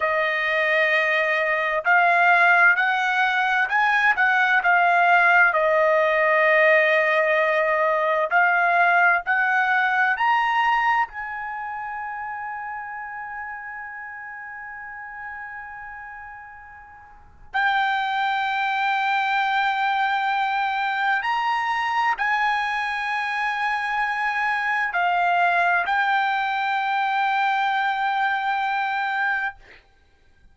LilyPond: \new Staff \with { instrumentName = "trumpet" } { \time 4/4 \tempo 4 = 65 dis''2 f''4 fis''4 | gis''8 fis''8 f''4 dis''2~ | dis''4 f''4 fis''4 ais''4 | gis''1~ |
gis''2. g''4~ | g''2. ais''4 | gis''2. f''4 | g''1 | }